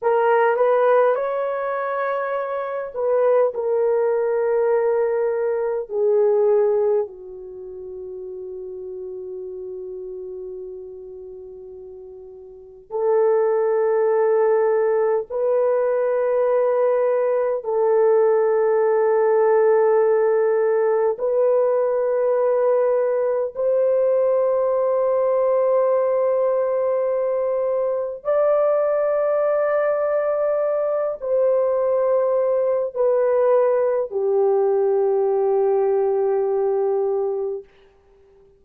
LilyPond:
\new Staff \with { instrumentName = "horn" } { \time 4/4 \tempo 4 = 51 ais'8 b'8 cis''4. b'8 ais'4~ | ais'4 gis'4 fis'2~ | fis'2. a'4~ | a'4 b'2 a'4~ |
a'2 b'2 | c''1 | d''2~ d''8 c''4. | b'4 g'2. | }